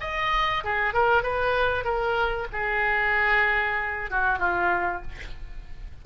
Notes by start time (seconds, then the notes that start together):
0.00 D#5
0.64 G#4
0.94 A#4
1.23 B4
1.84 A#4
2.52 G#4
4.10 F#4
4.39 F4